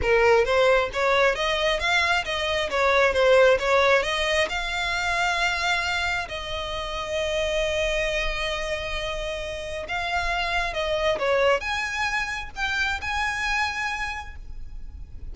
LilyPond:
\new Staff \with { instrumentName = "violin" } { \time 4/4 \tempo 4 = 134 ais'4 c''4 cis''4 dis''4 | f''4 dis''4 cis''4 c''4 | cis''4 dis''4 f''2~ | f''2 dis''2~ |
dis''1~ | dis''2 f''2 | dis''4 cis''4 gis''2 | g''4 gis''2. | }